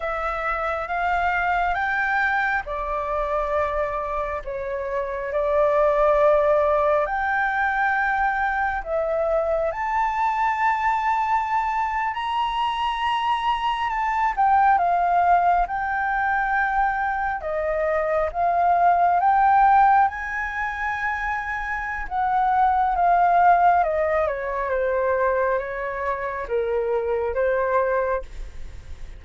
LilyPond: \new Staff \with { instrumentName = "flute" } { \time 4/4 \tempo 4 = 68 e''4 f''4 g''4 d''4~ | d''4 cis''4 d''2 | g''2 e''4 a''4~ | a''4.~ a''16 ais''2 a''16~ |
a''16 g''8 f''4 g''2 dis''16~ | dis''8. f''4 g''4 gis''4~ gis''16~ | gis''4 fis''4 f''4 dis''8 cis''8 | c''4 cis''4 ais'4 c''4 | }